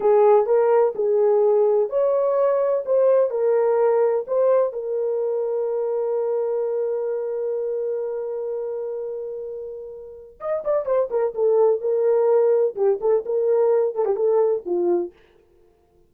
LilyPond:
\new Staff \with { instrumentName = "horn" } { \time 4/4 \tempo 4 = 127 gis'4 ais'4 gis'2 | cis''2 c''4 ais'4~ | ais'4 c''4 ais'2~ | ais'1~ |
ais'1~ | ais'2 dis''8 d''8 c''8 ais'8 | a'4 ais'2 g'8 a'8 | ais'4. a'16 g'16 a'4 f'4 | }